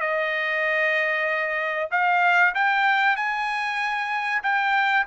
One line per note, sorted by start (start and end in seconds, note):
0.00 1.89 D#5
1.91 2.54 F5
2.55 3.16 G5
3.16 4.42 G#5
4.43 5.06 G5